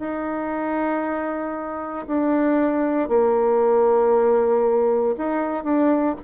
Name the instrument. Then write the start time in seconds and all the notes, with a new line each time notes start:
bassoon
0.00 D#4
2.07 D4
3.09 A#3
5.18 D#4
5.64 D4